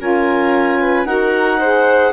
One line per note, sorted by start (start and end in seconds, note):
0.00 1.05 C#4
0.00 1.05 F4
0.00 0.80 A#4
0.00 1.06 G#5
0.81 1.07 B4
1.05 2.12 D#4
1.05 1.59 F#4
1.05 1.59 A#4
1.05 2.13 F#5
1.59 2.13 G#4
1.59 2.13 C5